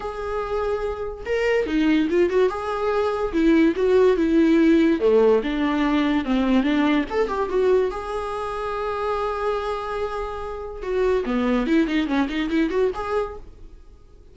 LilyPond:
\new Staff \with { instrumentName = "viola" } { \time 4/4 \tempo 4 = 144 gis'2. ais'4 | dis'4 f'8 fis'8 gis'2 | e'4 fis'4 e'2 | a4 d'2 c'4 |
d'4 a'8 g'8 fis'4 gis'4~ | gis'1~ | gis'2 fis'4 b4 | e'8 dis'8 cis'8 dis'8 e'8 fis'8 gis'4 | }